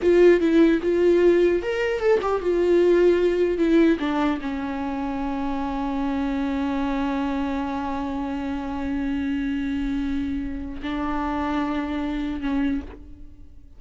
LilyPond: \new Staff \with { instrumentName = "viola" } { \time 4/4 \tempo 4 = 150 f'4 e'4 f'2 | ais'4 a'8 g'8 f'2~ | f'4 e'4 d'4 cis'4~ | cis'1~ |
cis'1~ | cis'1~ | cis'2. d'4~ | d'2. cis'4 | }